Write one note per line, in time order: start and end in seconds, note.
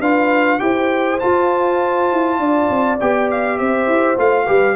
0.00 0.60 D4
0.00 0.59 F4
0.00 0.59 B4
0.00 0.60 F5
0.59 1.21 E4
0.59 1.19 G4
0.59 2.40 C5
0.59 1.19 G5
1.20 2.98 F4
1.20 2.13 F4
1.20 2.98 A5
2.13 2.39 E4
2.39 2.69 D4
2.39 3.59 D5
2.70 3.00 C4
3.00 3.60 B3
3.00 4.17 G4
3.00 3.30 G5
3.31 3.58 F5
3.58 3.87 C4
3.58 4.45 C5
3.58 4.17 E5
3.87 4.17 E4
4.17 4.48 A3
4.17 4.47 F4
4.17 4.76 F5
4.45 4.76 G3
4.45 4.76 G4
4.45 4.75 B4